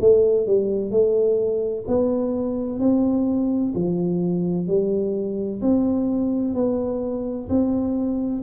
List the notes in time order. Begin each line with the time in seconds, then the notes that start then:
0.00 A3
0.46 G3
0.91 A3
1.87 B3
2.79 C4
3.74 F3
4.67 G3
5.61 C4
6.54 B3
7.49 C4